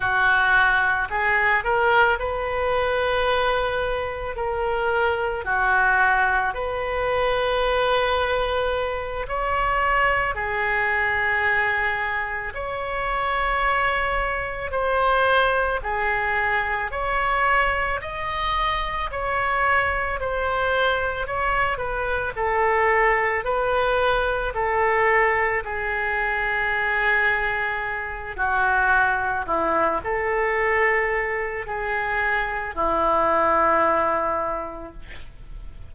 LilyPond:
\new Staff \with { instrumentName = "oboe" } { \time 4/4 \tempo 4 = 55 fis'4 gis'8 ais'8 b'2 | ais'4 fis'4 b'2~ | b'8 cis''4 gis'2 cis''8~ | cis''4. c''4 gis'4 cis''8~ |
cis''8 dis''4 cis''4 c''4 cis''8 | b'8 a'4 b'4 a'4 gis'8~ | gis'2 fis'4 e'8 a'8~ | a'4 gis'4 e'2 | }